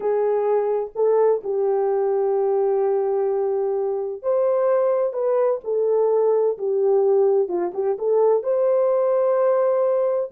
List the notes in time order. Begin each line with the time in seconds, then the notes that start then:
0.00 G#4
0.95 A4
1.43 G4
4.22 C5
5.13 B4
5.64 A4
6.58 G4
7.48 F4
7.73 G4
7.98 A4
8.43 C5